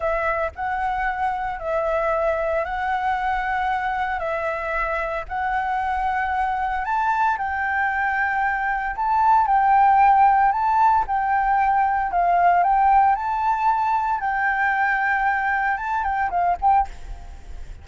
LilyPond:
\new Staff \with { instrumentName = "flute" } { \time 4/4 \tempo 4 = 114 e''4 fis''2 e''4~ | e''4 fis''2. | e''2 fis''2~ | fis''4 a''4 g''2~ |
g''4 a''4 g''2 | a''4 g''2 f''4 | g''4 a''2 g''4~ | g''2 a''8 g''8 f''8 g''8 | }